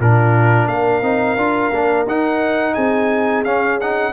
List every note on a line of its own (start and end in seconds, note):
0.00 0.68 A#2
0.00 1.03 D4
0.00 0.70 F4
0.00 0.68 A#4
0.68 1.02 A#3
0.68 2.74 A#4
0.68 2.06 F5
1.02 1.37 C4
1.02 1.37 D#4
1.37 1.71 D4
1.37 1.72 F4
1.72 2.07 A#3
1.72 2.07 D4
2.07 2.76 D#4
2.07 3.46 D#4
2.07 2.75 F#5
2.74 3.45 C4
2.74 4.12 G#4
2.74 3.44 G#5
3.45 4.13 C#4
3.45 3.81 C#4
3.45 3.79 F5
3.81 4.13 D#4
3.81 4.13 F#5